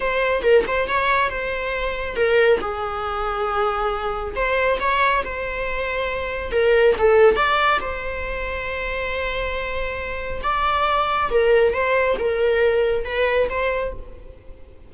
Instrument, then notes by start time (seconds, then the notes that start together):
viola
0.00 C5
0.42 A#4
0.67 C5
0.88 C#5
1.29 C5
2.16 A#4
2.60 G#4
4.35 C5
4.80 C#5
5.24 C5
6.51 A#4
6.98 A4
7.35 D5
7.80 C5
10.42 D5
11.30 A#4
11.73 C5
12.18 A#4
13.04 B4
13.49 C5